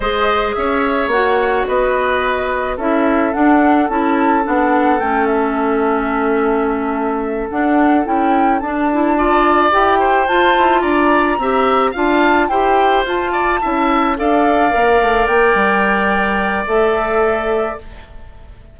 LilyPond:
<<
  \new Staff \with { instrumentName = "flute" } { \time 4/4 \tempo 4 = 108 dis''4 e''4 fis''4 dis''4~ | dis''4 e''4 fis''4 a''4 | fis''4 g''8 e''2~ e''8~ | e''4. fis''4 g''4 a''8~ |
a''4. g''4 a''4 ais''8~ | ais''4. a''4 g''4 a''8~ | a''4. f''2 g''8~ | g''2 e''2 | }
  \new Staff \with { instrumentName = "oboe" } { \time 4/4 c''4 cis''2 b'4~ | b'4 a'2.~ | a'1~ | a'1~ |
a'8 d''4. c''4. d''8~ | d''8 e''4 f''4 c''4. | d''8 e''4 d''2~ d''8~ | d''1 | }
  \new Staff \with { instrumentName = "clarinet" } { \time 4/4 gis'2 fis'2~ | fis'4 e'4 d'4 e'4 | d'4 cis'2.~ | cis'4. d'4 e'4 d'8 |
e'8 f'4 g'4 f'4.~ | f'8 g'4 f'4 g'4 f'8~ | f'8 e'4 a'4 ais'4.~ | ais'2 a'2 | }
  \new Staff \with { instrumentName = "bassoon" } { \time 4/4 gis4 cis'4 ais4 b4~ | b4 cis'4 d'4 cis'4 | b4 a2.~ | a4. d'4 cis'4 d'8~ |
d'4. e'4 f'8 e'8 d'8~ | d'8 c'4 d'4 e'4 f'8~ | f'8 cis'4 d'4 ais8 a8 ais8 | g2 a2 | }
>>